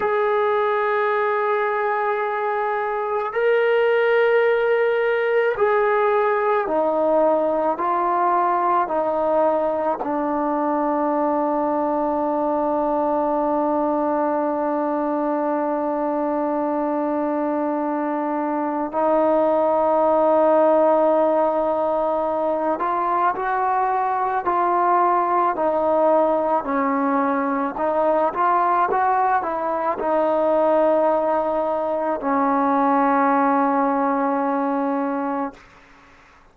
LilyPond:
\new Staff \with { instrumentName = "trombone" } { \time 4/4 \tempo 4 = 54 gis'2. ais'4~ | ais'4 gis'4 dis'4 f'4 | dis'4 d'2.~ | d'1~ |
d'4 dis'2.~ | dis'8 f'8 fis'4 f'4 dis'4 | cis'4 dis'8 f'8 fis'8 e'8 dis'4~ | dis'4 cis'2. | }